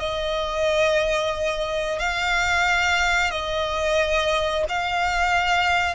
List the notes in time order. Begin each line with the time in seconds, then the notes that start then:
0.00 D#5
2.00 F5
3.31 D#5
4.69 F5